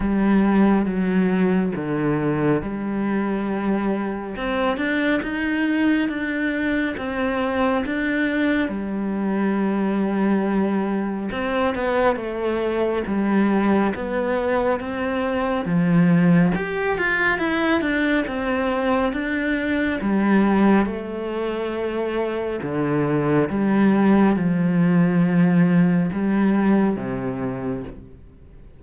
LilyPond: \new Staff \with { instrumentName = "cello" } { \time 4/4 \tempo 4 = 69 g4 fis4 d4 g4~ | g4 c'8 d'8 dis'4 d'4 | c'4 d'4 g2~ | g4 c'8 b8 a4 g4 |
b4 c'4 f4 g'8 f'8 | e'8 d'8 c'4 d'4 g4 | a2 d4 g4 | f2 g4 c4 | }